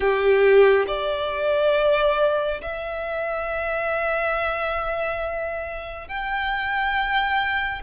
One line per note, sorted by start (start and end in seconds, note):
0.00 0.85 G4
0.87 2.61 D5
2.61 6.08 E5
6.08 7.82 G5